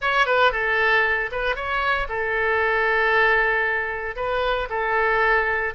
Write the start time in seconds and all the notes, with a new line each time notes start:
0.01 C#5
0.26 B4
0.52 A4
1.31 B4
1.55 C#5
2.08 A4
4.16 B4
4.69 A4